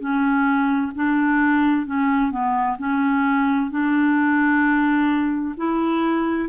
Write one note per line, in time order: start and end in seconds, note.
0.00 0.92 C#4
0.95 1.86 D4
1.86 2.31 C#4
2.31 2.77 B3
2.79 3.71 C#4
3.71 5.56 D4
5.57 6.50 E4